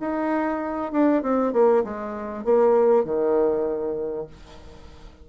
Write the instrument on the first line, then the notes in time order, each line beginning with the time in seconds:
bassoon
0.00 D#4
0.92 D4
1.22 C4
1.53 A#3
1.84 G#3
2.44 A#3
3.04 D#3